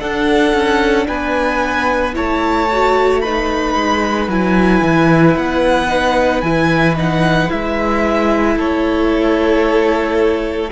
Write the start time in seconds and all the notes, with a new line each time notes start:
0.00 D4 A4 F#5
0.54 C#4
1.08 B3 B4 G#5
2.14 A3 E4 C#5 A5
2.73 F#4
3.21 D#4 B4 B5
3.75 G#3
4.28 F#3 E4 G#5
4.82 E3
5.37 B3 F#5
5.88 D#4
6.41 E3 E4 G#5
6.96 D#4 F#5
7.48 G#3 E4 E5
8.56 A3 A4 C#5